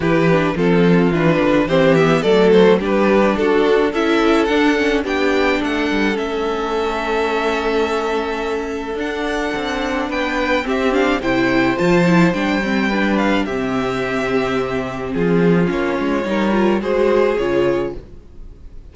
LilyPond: <<
  \new Staff \with { instrumentName = "violin" } { \time 4/4 \tempo 4 = 107 b'4 a'4 b'4 c''8 e''8 | d''8 c''8 b'4 a'4 e''4 | fis''4 g''4 fis''4 e''4~ | e''1 |
fis''2 g''4 e''8 f''8 | g''4 a''4 g''4. f''8 | e''2. gis'4 | cis''2 c''4 cis''4 | }
  \new Staff \with { instrumentName = "violin" } { \time 4/4 g'4 f'2 g'4 | a'4 g'4 fis'4 a'4~ | a'4 g'4 a'2~ | a'1~ |
a'2 b'4 g'4 | c''2. b'4 | g'2. f'4~ | f'4 ais'4 gis'2 | }
  \new Staff \with { instrumentName = "viola" } { \time 4/4 e'8 d'8 c'4 d'4 c'8 b8 | a4 d'2 e'4 | d'8 cis'8 d'2 cis'4~ | cis'1 |
d'2. c'8 d'8 | e'4 f'8 e'8 d'8 c'8 d'4 | c'1 | cis'4 dis'8 f'8 fis'4 f'4 | }
  \new Staff \with { instrumentName = "cello" } { \time 4/4 e4 f4 e8 d8 e4 | fis4 g4 d'4 cis'4 | d'4 b4 a8 g8 a4~ | a1 |
d'4 c'4 b4 c'4 | c4 f4 g2 | c2. f4 | ais8 gis8 g4 gis4 cis4 | }
>>